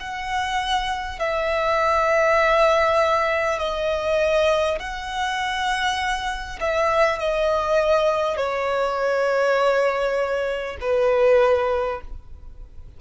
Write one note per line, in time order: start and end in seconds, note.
0.00 1.19 F#5
1.19 3.59 E5
3.59 4.79 D#5
4.79 6.59 F#5
6.61 7.19 E5
7.19 8.37 D#5
8.37 10.77 C#5
10.81 12.01 B4